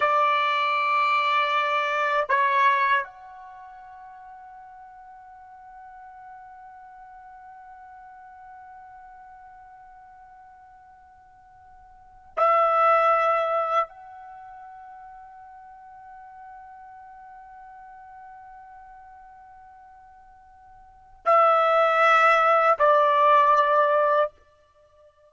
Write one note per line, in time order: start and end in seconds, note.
0.00 2.26 D5
2.28 3.03 C#5
3.03 12.34 F#5
12.36 13.88 E5
13.88 21.25 F#5
21.25 22.77 E5
22.78 24.30 D5